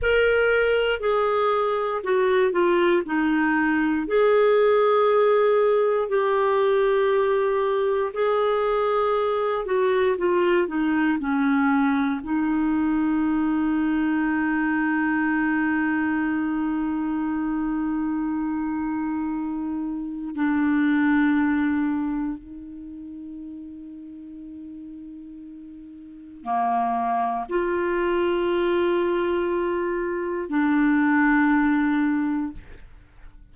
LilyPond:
\new Staff \with { instrumentName = "clarinet" } { \time 4/4 \tempo 4 = 59 ais'4 gis'4 fis'8 f'8 dis'4 | gis'2 g'2 | gis'4. fis'8 f'8 dis'8 cis'4 | dis'1~ |
dis'1 | d'2 dis'2~ | dis'2 ais4 f'4~ | f'2 d'2 | }